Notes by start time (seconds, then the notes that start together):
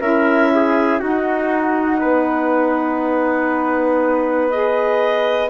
0.00 C#4 E4 A#4 E5
0.55 G#4
1.00 D#4 F#4 F#5
2.00 B3 B4
4.50 G#4 D#5